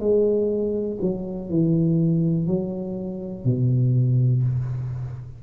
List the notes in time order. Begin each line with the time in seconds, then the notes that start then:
0.00 G#3
1.01 F#3
1.50 E3
2.47 F#3
3.45 B2